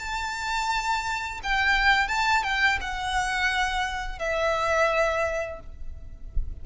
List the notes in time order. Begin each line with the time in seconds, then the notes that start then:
0.00 A5
1.44 G5
2.09 A5
2.44 G5
2.81 F#5
4.19 E5